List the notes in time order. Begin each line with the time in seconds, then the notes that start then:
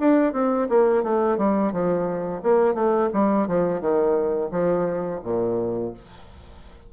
0.00 D4
0.33 C4
0.70 A#3
1.04 A3
1.38 G3
1.73 F3
2.43 A#3
2.75 A3
3.14 G3
3.48 F3
3.81 D#3
4.52 F3
5.24 A#2